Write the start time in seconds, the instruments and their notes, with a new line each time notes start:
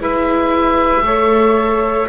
0.00 double bass G#3, viola E4, saxophone B4, oboe E5
1.03 double bass A3, viola A4, saxophone C#5